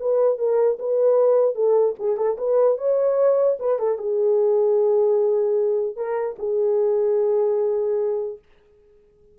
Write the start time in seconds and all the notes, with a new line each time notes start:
0.00 B4
0.38 A#4
0.79 B4
1.55 A4
1.99 G#4
2.17 A4
2.38 B4
2.78 C#5
3.59 B4
3.79 A4
3.98 G#4
5.96 A#4
6.39 G#4